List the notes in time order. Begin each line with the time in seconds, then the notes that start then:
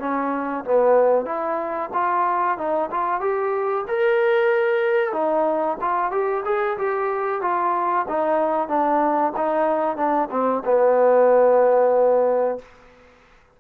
0.00 C#4
0.65 B3
1.26 E4
1.94 F4
2.58 D#4
2.91 F4
3.21 G4
3.88 A#4
5.13 D#4
5.82 F4
6.12 G4
6.45 G#4
6.78 G4
7.42 F4
8.09 D#4
8.69 D4
9.37 D#4
9.97 D4
10.31 C4
10.66 B3